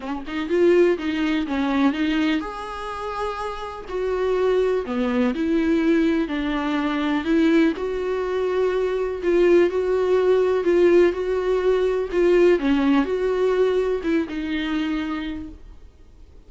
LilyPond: \new Staff \with { instrumentName = "viola" } { \time 4/4 \tempo 4 = 124 cis'8 dis'8 f'4 dis'4 cis'4 | dis'4 gis'2. | fis'2 b4 e'4~ | e'4 d'2 e'4 |
fis'2. f'4 | fis'2 f'4 fis'4~ | fis'4 f'4 cis'4 fis'4~ | fis'4 e'8 dis'2~ dis'8 | }